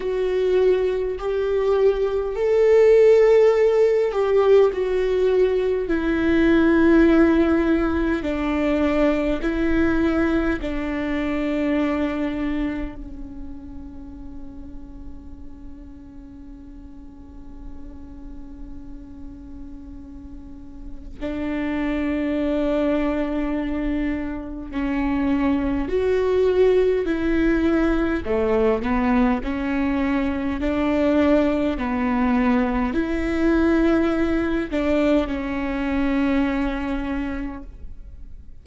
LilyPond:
\new Staff \with { instrumentName = "viola" } { \time 4/4 \tempo 4 = 51 fis'4 g'4 a'4. g'8 | fis'4 e'2 d'4 | e'4 d'2 cis'4~ | cis'1~ |
cis'2 d'2~ | d'4 cis'4 fis'4 e'4 | a8 b8 cis'4 d'4 b4 | e'4. d'8 cis'2 | }